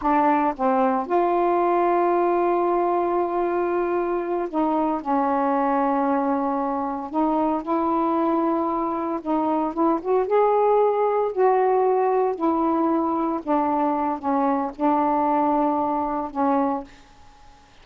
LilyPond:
\new Staff \with { instrumentName = "saxophone" } { \time 4/4 \tempo 4 = 114 d'4 c'4 f'2~ | f'1~ | f'8 dis'4 cis'2~ cis'8~ | cis'4. dis'4 e'4.~ |
e'4. dis'4 e'8 fis'8 gis'8~ | gis'4. fis'2 e'8~ | e'4. d'4. cis'4 | d'2. cis'4 | }